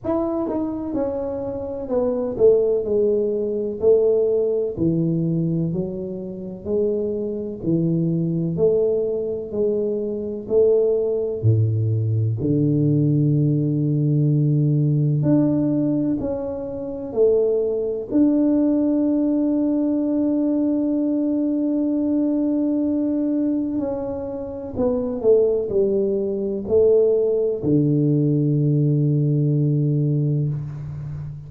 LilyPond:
\new Staff \with { instrumentName = "tuba" } { \time 4/4 \tempo 4 = 63 e'8 dis'8 cis'4 b8 a8 gis4 | a4 e4 fis4 gis4 | e4 a4 gis4 a4 | a,4 d2. |
d'4 cis'4 a4 d'4~ | d'1~ | d'4 cis'4 b8 a8 g4 | a4 d2. | }